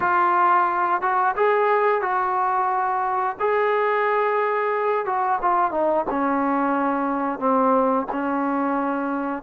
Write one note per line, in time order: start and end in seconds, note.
0.00 1.01 F4
1.01 1.35 F#4
1.35 2.01 G#4
2.01 3.36 F#4
3.39 5.05 G#4
5.05 5.39 F#4
5.41 5.71 F4
5.71 6.05 D#4
6.10 7.39 C#4
7.39 8.06 C4
8.11 9.42 C#4